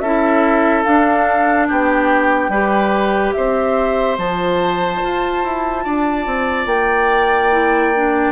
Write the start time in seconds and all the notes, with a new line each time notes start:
0.00 C#4 E4 A4 E5
0.84 D4 F5
1.68 B3 G4 G5
2.49 G3 G4 B4
3.34 C4 C5 E5
4.18 F3 F4 A5
5.03 F4
5.44 E4
5.85 D4 D5
6.27 C4
6.66 A#3 G5
7.52 E4
7.96 D4